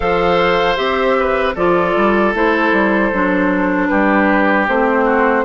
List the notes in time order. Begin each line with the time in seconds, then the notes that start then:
0.00 F3 A4 C5 F5
0.76 C4 G4 E5
1.19 B4
1.54 F3 F4 A4 D5
1.95 G3
2.34 A3 E4 C5
2.72 G3
3.12 F#3 D4
3.87 G3 G4 B4
4.68 A3 C4 C5
5.05 F#4